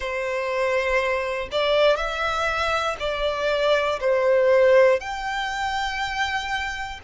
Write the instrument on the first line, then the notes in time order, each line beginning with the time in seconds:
violin
0.00 C5
1.51 D5
1.96 E5
3.00 D5
4.00 C5
5.00 G5